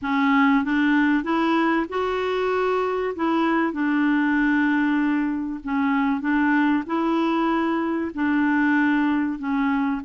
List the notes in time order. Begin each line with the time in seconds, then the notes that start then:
0.02 C#4
0.64 D4
1.23 E4
1.89 F#4
3.15 E4
3.72 D4
5.63 C#4
6.20 D4
6.86 E4
8.14 D4
9.38 C#4